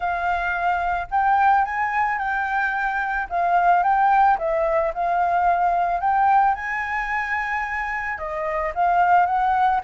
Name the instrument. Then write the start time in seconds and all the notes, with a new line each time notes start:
flute
0.00 F5
1.10 G5
1.64 G#5
2.18 G5
3.29 F5
3.83 G5
4.38 E5
4.93 F5
6.00 G5
6.54 G#5
8.17 D#5
8.74 F5
9.26 F#5